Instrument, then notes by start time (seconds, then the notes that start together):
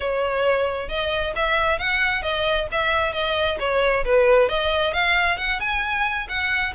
violin
0.00 C#5
0.88 D#5
1.35 E5
1.78 F#5
2.22 D#5
2.71 E5
3.12 D#5
3.59 C#5
4.04 B4
4.48 D#5
4.93 F5
5.37 F#5
5.60 G#5
6.28 F#5